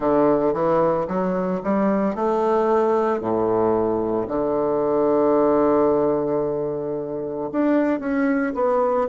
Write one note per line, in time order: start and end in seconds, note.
0.00 0.53 D3
0.53 1.07 E3
1.07 1.61 F#3
1.64 2.15 G3
2.15 3.20 A3
3.20 4.27 A2
4.28 7.49 D3
7.52 7.99 D4
7.99 8.53 C#4
8.54 9.08 B3